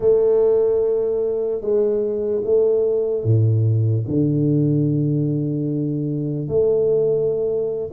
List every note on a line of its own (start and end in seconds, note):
0.00 1.61 A3
1.61 2.42 G#3
2.44 3.24 A3
3.24 4.05 A2
4.07 6.48 D3
6.48 7.89 A3